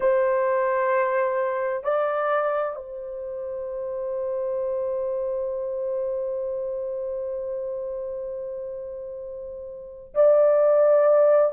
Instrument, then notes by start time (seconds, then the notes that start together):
horn
0.00 C5
1.83 D5
2.75 C5
10.14 D5